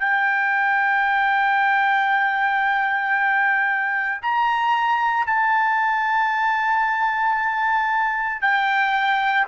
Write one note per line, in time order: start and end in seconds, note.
0.00 4.21 G5
4.22 5.26 A#5
5.26 8.42 A5
8.42 9.47 G5